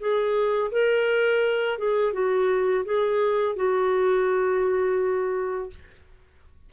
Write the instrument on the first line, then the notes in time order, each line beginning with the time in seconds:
clarinet
0.00 G#4
0.72 A#4
1.79 G#4
2.13 F#4
2.85 G#4
3.56 F#4